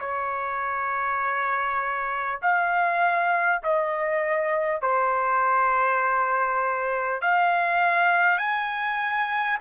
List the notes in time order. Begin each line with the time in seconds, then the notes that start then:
0.00 C#5
2.42 F5
3.63 D#5
4.82 C5
7.22 F5
8.38 G#5